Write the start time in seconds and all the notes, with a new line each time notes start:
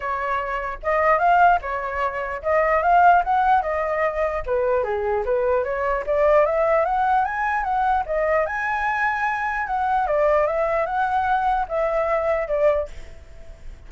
0.00 C#5
0.82 D#5
1.18 F5
1.61 C#5
2.42 D#5
2.82 F5
3.24 F#5
3.62 D#5
4.46 B4
4.83 G#4
5.25 B4
5.64 C#5
6.06 D5
6.45 E5
6.85 F#5
7.24 G#5
7.63 F#5
8.06 D#5
8.46 G#5
9.66 F#5
10.06 D5
10.46 E5
10.86 F#5
11.68 E5
12.47 D5